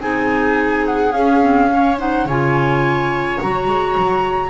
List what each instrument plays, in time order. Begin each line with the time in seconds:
0.00 double bass C4, clarinet D#4, viola G#4, flute G#5
0.85 flute F#5
1.11 clarinet C#4, double bass C#4, flute F5
1.40 clarinet C4
1.70 clarinet C#4, viola C#5
1.98 clarinet D#4, viola C5, flute F#5
2.25 double bass C#3, clarinet F4, viola C#5, flute G#5
3.40 double bass F#3, clarinet F#4, flute A#5
3.67 double bass G#3
3.97 double bass F#3